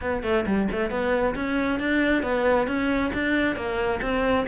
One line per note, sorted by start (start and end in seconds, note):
0.01 0.23 B3
0.23 0.45 A3
0.46 0.68 G3
0.71 0.90 A3
0.90 1.35 B3
1.35 1.79 C#4
1.79 2.22 D4
2.22 2.67 B3
2.67 3.11 C#4
3.13 3.56 D4
3.56 4.00 A#3
4.01 4.46 C4